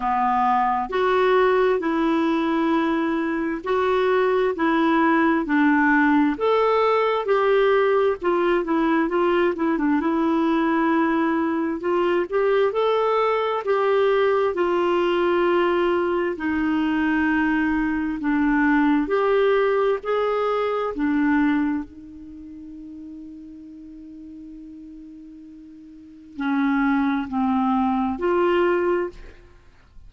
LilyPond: \new Staff \with { instrumentName = "clarinet" } { \time 4/4 \tempo 4 = 66 b4 fis'4 e'2 | fis'4 e'4 d'4 a'4 | g'4 f'8 e'8 f'8 e'16 d'16 e'4~ | e'4 f'8 g'8 a'4 g'4 |
f'2 dis'2 | d'4 g'4 gis'4 d'4 | dis'1~ | dis'4 cis'4 c'4 f'4 | }